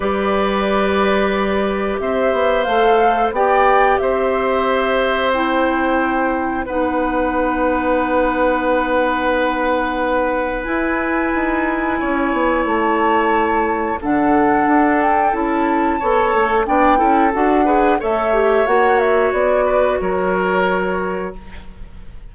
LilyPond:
<<
  \new Staff \with { instrumentName = "flute" } { \time 4/4 \tempo 4 = 90 d''2. e''4 | f''4 g''4 e''2 | g''2 fis''2~ | fis''1 |
gis''2. a''4~ | a''4 fis''4. g''8 a''4~ | a''4 g''4 fis''4 e''4 | fis''8 e''8 d''4 cis''2 | }
  \new Staff \with { instrumentName = "oboe" } { \time 4/4 b'2. c''4~ | c''4 d''4 c''2~ | c''2 b'2~ | b'1~ |
b'2 cis''2~ | cis''4 a'2. | cis''4 d''8 a'4 b'8 cis''4~ | cis''4. b'8 ais'2 | }
  \new Staff \with { instrumentName = "clarinet" } { \time 4/4 g'1 | a'4 g'2. | e'2 dis'2~ | dis'1 |
e'1~ | e'4 d'2 e'4 | a'4 d'8 e'8 fis'8 gis'8 a'8 g'8 | fis'1 | }
  \new Staff \with { instrumentName = "bassoon" } { \time 4/4 g2. c'8 b8 | a4 b4 c'2~ | c'2 b2~ | b1 |
e'4 dis'4 cis'8 b8 a4~ | a4 d4 d'4 cis'4 | b8 a8 b8 cis'8 d'4 a4 | ais4 b4 fis2 | }
>>